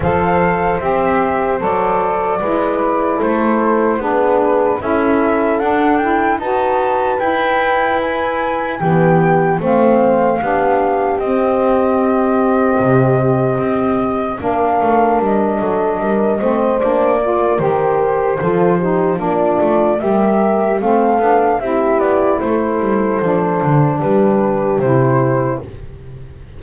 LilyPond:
<<
  \new Staff \with { instrumentName = "flute" } { \time 4/4 \tempo 4 = 75 f''4 e''4 d''2 | c''4 b'4 e''4 fis''8 g''8 | a''4 g''4 gis''4 g''4 | f''2 dis''2~ |
dis''2 f''4 dis''4~ | dis''4 d''4 c''2 | d''4 e''4 f''4 e''8 d''8 | c''2 b'4 c''4 | }
  \new Staff \with { instrumentName = "horn" } { \time 4/4 c''2. b'4 | a'4 gis'4 a'2 | b'2. g'4 | c''4 g'2.~ |
g'2 ais'4. a'8 | ais'8 c''4 ais'4. a'8 g'8 | f'4 ais'4 a'4 g'4 | a'2 g'2 | }
  \new Staff \with { instrumentName = "saxophone" } { \time 4/4 a'4 g'4 a'4 e'4~ | e'4 d'4 e'4 d'8 e'8 | fis'4 e'2 b4 | c'4 d'4 c'2~ |
c'2 d'2~ | d'8 c'8 d'8 f'8 g'4 f'8 dis'8 | d'4 g'4 c'8 d'8 e'4~ | e'4 d'2 e'4 | }
  \new Staff \with { instrumentName = "double bass" } { \time 4/4 f4 c'4 fis4 gis4 | a4 b4 cis'4 d'4 | dis'4 e'2 e4 | a4 b4 c'2 |
c4 c'4 ais8 a8 g8 fis8 | g8 a8 ais4 dis4 f4 | ais8 a8 g4 a8 b8 c'8 b8 | a8 g8 f8 d8 g4 c4 | }
>>